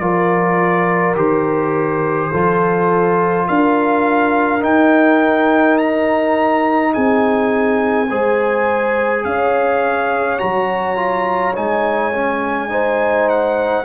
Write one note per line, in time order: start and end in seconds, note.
0.00 1.16 F3
0.00 1.16 F4
0.00 2.32 A#4
0.00 1.15 D5
1.16 2.31 D#3
1.16 2.31 G4
1.16 3.48 C5
2.32 3.49 F3
2.32 4.61 F4
2.32 3.48 A4
3.48 4.64 D4
3.48 6.94 A#4
3.48 4.63 F5
4.61 8.07 D#4
4.61 6.95 D#4
4.61 5.78 G5
5.78 6.94 A#5
6.94 8.11 C4
6.94 8.09 G#4
6.94 9.25 G#5
8.10 9.25 G#3
8.10 10.39 G#4
8.10 9.25 C5
9.25 10.41 C#4
9.25 12.71 C#5
9.25 10.39 F5
10.39 11.58 F#3
10.39 10.96 F#4
10.39 11.55 A#5
10.96 11.54 F4
11.55 13.86 G#3
11.55 12.13 D#4
11.55 13.30 G#5
12.14 12.69 C#4
12.69 13.85 D#4
12.69 13.86 C5
13.30 13.86 F#5